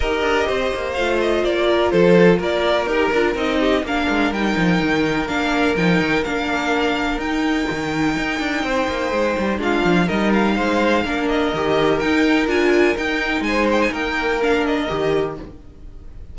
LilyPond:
<<
  \new Staff \with { instrumentName = "violin" } { \time 4/4 \tempo 4 = 125 dis''2 f''8 dis''8 d''4 | c''4 d''4 ais'4 dis''4 | f''4 g''2 f''4 | g''4 f''2 g''4~ |
g''1 | f''4 dis''8 f''2 dis''8~ | dis''4 g''4 gis''4 g''4 | gis''8 g''16 gis''16 g''4 f''8 dis''4. | }
  \new Staff \with { instrumentName = "violin" } { \time 4/4 ais'4 c''2~ c''8 ais'8 | a'4 ais'2~ ais'8 g'8 | ais'1~ | ais'1~ |
ais'2 c''2 | f'4 ais'4 c''4 ais'4~ | ais'1 | c''4 ais'2. | }
  \new Staff \with { instrumentName = "viola" } { \time 4/4 g'2 f'2~ | f'2 g'8 f'8 dis'4 | d'4 dis'2 d'4 | dis'4 d'2 dis'4~ |
dis'1 | d'4 dis'2 d'4 | g'4 dis'4 f'4 dis'4~ | dis'2 d'4 g'4 | }
  \new Staff \with { instrumentName = "cello" } { \time 4/4 dis'8 d'8 c'8 ais8 a4 ais4 | f4 ais4 dis'8 d'8 c'4 | ais8 gis8 g8 f8 dis4 ais4 | f8 dis8 ais2 dis'4 |
dis4 dis'8 d'8 c'8 ais8 gis8 g8 | gis8 f8 g4 gis4 ais4 | dis4 dis'4 d'4 dis'4 | gis4 ais2 dis4 | }
>>